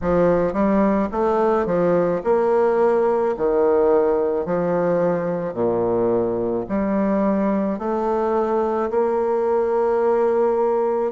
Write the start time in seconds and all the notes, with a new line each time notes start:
0.01 F3
0.53 G3
1.11 A3
1.66 F3
2.24 A#3
3.37 D#3
4.45 F3
5.53 A#2
6.68 G3
7.78 A3
8.90 A#3